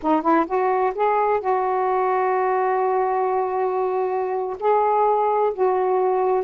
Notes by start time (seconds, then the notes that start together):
0.02 D#4
0.22 E4
0.46 F#4
0.94 G#4
1.40 F#4
4.59 G#4
5.53 F#4